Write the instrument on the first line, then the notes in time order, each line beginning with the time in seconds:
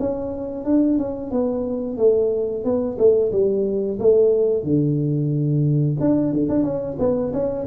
tuba
0.00 C#4
0.65 D4
0.98 C#4
1.32 B3
1.98 A3
2.65 B3
2.98 A3
3.32 G3
4.00 A3
4.64 D3
6.01 D4
6.33 D3
6.49 D4
6.64 C#4
6.99 B3
7.33 C#4